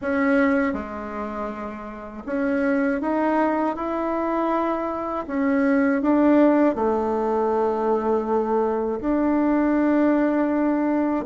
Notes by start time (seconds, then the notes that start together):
0.01 C#4
0.73 G#3
2.26 C#4
3.01 D#4
3.76 E4
5.27 C#4
6.02 D4
6.75 A3
9.00 D4